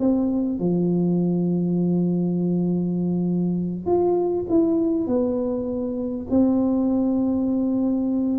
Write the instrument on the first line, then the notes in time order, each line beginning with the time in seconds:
tuba
0.00 C4
0.59 F3
3.86 F4
4.49 E4
5.07 B3
6.30 C4